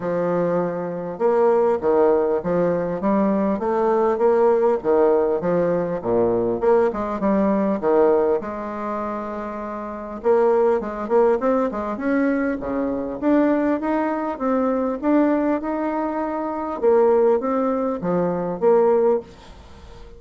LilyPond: \new Staff \with { instrumentName = "bassoon" } { \time 4/4 \tempo 4 = 100 f2 ais4 dis4 | f4 g4 a4 ais4 | dis4 f4 ais,4 ais8 gis8 | g4 dis4 gis2~ |
gis4 ais4 gis8 ais8 c'8 gis8 | cis'4 cis4 d'4 dis'4 | c'4 d'4 dis'2 | ais4 c'4 f4 ais4 | }